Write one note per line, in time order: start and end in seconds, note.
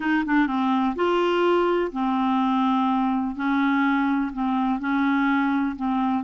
0.00 0.24 D#4
0.25 0.47 D4
0.47 0.95 C4
0.95 1.91 F4
1.91 3.35 C4
3.35 4.31 C#4
4.32 4.79 C4
4.79 5.75 C#4
5.76 6.23 C4